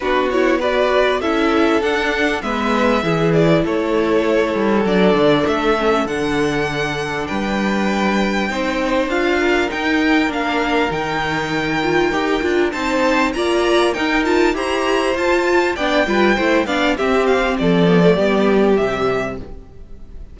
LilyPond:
<<
  \new Staff \with { instrumentName = "violin" } { \time 4/4 \tempo 4 = 99 b'8 cis''8 d''4 e''4 fis''4 | e''4. d''8 cis''2 | d''4 e''4 fis''2 | g''2. f''4 |
g''4 f''4 g''2~ | g''4 a''4 ais''4 g''8 a''8 | ais''4 a''4 g''4. f''8 | e''8 f''8 d''2 e''4 | }
  \new Staff \with { instrumentName = "violin" } { \time 4/4 fis'4 b'4 a'2 | b'4 gis'4 a'2~ | a'1 | b'2 c''4. ais'8~ |
ais'1~ | ais'4 c''4 d''4 ais'4 | c''2 d''8 b'8 c''8 d''8 | g'4 a'4 g'2 | }
  \new Staff \with { instrumentName = "viola" } { \time 4/4 d'8 e'8 fis'4 e'4 d'4 | b4 e'2. | d'4. cis'8 d'2~ | d'2 dis'4 f'4 |
dis'4 d'4 dis'4. f'8 | g'8 f'8 dis'4 f'4 dis'8 f'8 | g'4 f'4 d'8 f'8 e'8 d'8 | c'4. b16 a16 b4 g4 | }
  \new Staff \with { instrumentName = "cello" } { \time 4/4 b2 cis'4 d'4 | gis4 e4 a4. g8 | fis8 d8 a4 d2 | g2 c'4 d'4 |
dis'4 ais4 dis2 | dis'8 d'8 c'4 ais4 dis'4 | e'4 f'4 b8 g8 a8 b8 | c'4 f4 g4 c4 | }
>>